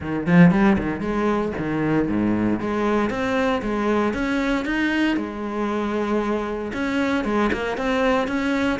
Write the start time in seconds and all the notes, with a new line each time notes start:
0.00 D#3
0.26 F3
0.51 G3
0.78 D#3
1.00 G#3
1.58 D#3
2.08 G#2
2.60 G#3
3.09 C4
3.62 G#3
4.13 C#4
4.65 D#4
5.16 G#3
6.73 C#4
7.24 G#3
7.53 A#3
7.77 C4
8.27 C#4